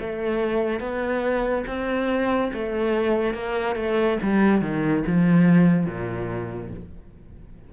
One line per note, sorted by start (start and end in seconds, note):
0.00 0.80 A3
0.80 1.64 B3
1.67 2.52 C4
2.53 3.34 A3
3.34 3.76 A#3
3.76 4.18 A3
4.23 4.61 G3
4.61 5.03 D#3
5.07 5.86 F3
5.86 6.70 A#2